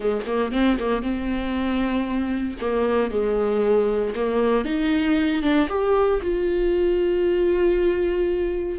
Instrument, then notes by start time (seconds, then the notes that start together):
viola
0.00 G#3
0.26 A#3
0.51 C4
0.79 A#3
1.02 C4
2.60 A#3
3.10 G#3
4.15 A#3
4.64 D#4
5.42 D4
5.68 G4
6.22 F4